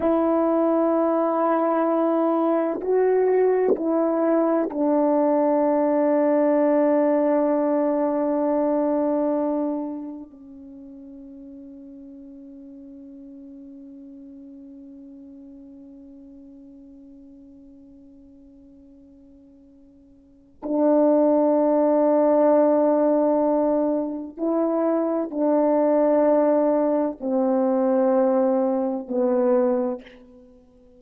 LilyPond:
\new Staff \with { instrumentName = "horn" } { \time 4/4 \tempo 4 = 64 e'2. fis'4 | e'4 d'2.~ | d'2. cis'4~ | cis'1~ |
cis'1~ | cis'2 d'2~ | d'2 e'4 d'4~ | d'4 c'2 b4 | }